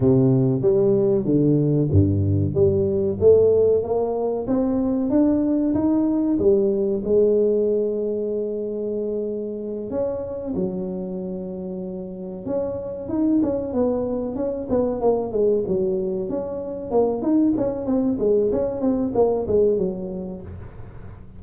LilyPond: \new Staff \with { instrumentName = "tuba" } { \time 4/4 \tempo 4 = 94 c4 g4 d4 g,4 | g4 a4 ais4 c'4 | d'4 dis'4 g4 gis4~ | gis2.~ gis8 cis'8~ |
cis'8 fis2. cis'8~ | cis'8 dis'8 cis'8 b4 cis'8 b8 ais8 | gis8 fis4 cis'4 ais8 dis'8 cis'8 | c'8 gis8 cis'8 c'8 ais8 gis8 fis4 | }